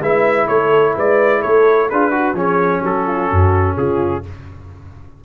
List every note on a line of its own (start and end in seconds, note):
0.00 0.47 G#3
0.00 1.90 E4
0.00 0.47 B4
0.00 0.48 E5
0.48 0.96 A3
0.48 0.95 A4
0.48 0.95 C#5
0.95 1.44 G#3
0.95 1.41 B4
0.95 1.42 D5
1.41 1.92 A3
1.41 1.88 A4
1.41 1.89 C#5
1.89 2.34 D4
1.89 2.11 F4
1.89 2.13 G#4
1.89 2.37 B4
2.11 2.35 F#4
2.11 2.36 F#4
2.34 2.81 F3
2.34 4.23 C#4
2.34 2.83 G#4
2.34 2.85 C#5
2.83 3.30 F#3
2.83 3.06 F#4
2.83 3.77 A4
3.06 3.30 F4
3.30 3.77 F#2
3.30 3.77 F#4
3.77 4.24 C#3
3.77 4.24 F4
3.77 4.24 G#4